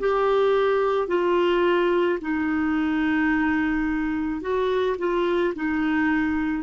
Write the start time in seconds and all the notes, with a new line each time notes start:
0.00 G4
1.08 F4
2.22 D#4
4.41 F#4
4.98 F4
5.56 D#4